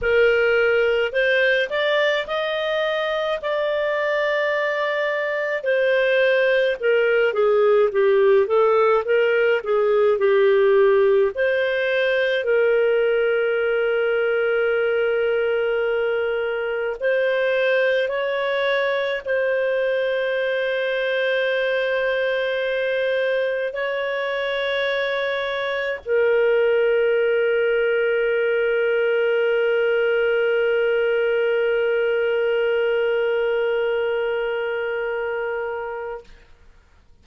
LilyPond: \new Staff \with { instrumentName = "clarinet" } { \time 4/4 \tempo 4 = 53 ais'4 c''8 d''8 dis''4 d''4~ | d''4 c''4 ais'8 gis'8 g'8 a'8 | ais'8 gis'8 g'4 c''4 ais'4~ | ais'2. c''4 |
cis''4 c''2.~ | c''4 cis''2 ais'4~ | ais'1~ | ais'1 | }